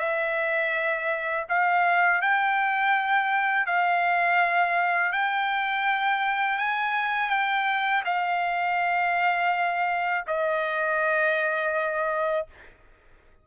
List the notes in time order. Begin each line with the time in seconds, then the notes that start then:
0.00 E5
1.50 F5
2.22 G5
3.67 F5
5.13 G5
6.59 G#5
7.30 G5
8.05 F5
10.28 D#5